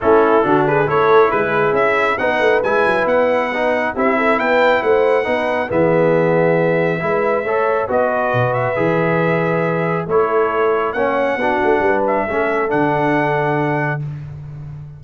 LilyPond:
<<
  \new Staff \with { instrumentName = "trumpet" } { \time 4/4 \tempo 4 = 137 a'4. b'8 cis''4 b'4 | e''4 fis''4 gis''4 fis''4~ | fis''4 e''4 g''4 fis''4~ | fis''4 e''2.~ |
e''2 dis''4. e''8~ | e''2. cis''4~ | cis''4 fis''2~ fis''8 e''8~ | e''4 fis''2. | }
  \new Staff \with { instrumentName = "horn" } { \time 4/4 e'4 fis'8 gis'8 a'4 gis'4~ | gis'4 b'2.~ | b'4 g'8 a'8 b'4 c''4 | b'4 gis'2. |
b'4 cis''4 b'2~ | b'2. a'4~ | a'4 cis''4 fis'4 b'4 | a'1 | }
  \new Staff \with { instrumentName = "trombone" } { \time 4/4 cis'4 d'4 e'2~ | e'4 dis'4 e'2 | dis'4 e'2. | dis'4 b2. |
e'4 a'4 fis'2 | gis'2. e'4~ | e'4 cis'4 d'2 | cis'4 d'2. | }
  \new Staff \with { instrumentName = "tuba" } { \time 4/4 a4 d4 a4 gis4 | cis'4 b8 a8 gis8 fis8 b4~ | b4 c'4 b4 a4 | b4 e2. |
gis4 a4 b4 b,4 | e2. a4~ | a4 ais4 b8 a8 g4 | a4 d2. | }
>>